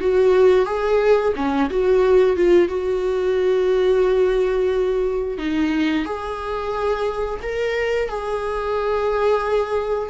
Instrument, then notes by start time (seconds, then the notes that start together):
viola
0.00 F#4
0.66 G#4
1.36 C#4
1.70 F#4
2.37 F4
2.69 F#4
5.38 D#4
6.05 G#4
7.42 A#4
8.09 G#4